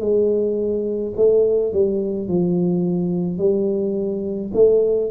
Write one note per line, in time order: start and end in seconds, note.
0.00 1.13 G#3
1.17 1.73 A3
1.73 2.28 G3
2.28 3.39 F3
3.39 4.52 G3
4.54 5.11 A3